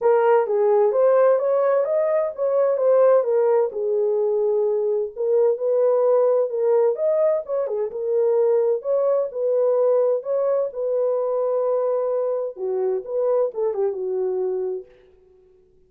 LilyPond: \new Staff \with { instrumentName = "horn" } { \time 4/4 \tempo 4 = 129 ais'4 gis'4 c''4 cis''4 | dis''4 cis''4 c''4 ais'4 | gis'2. ais'4 | b'2 ais'4 dis''4 |
cis''8 gis'8 ais'2 cis''4 | b'2 cis''4 b'4~ | b'2. fis'4 | b'4 a'8 g'8 fis'2 | }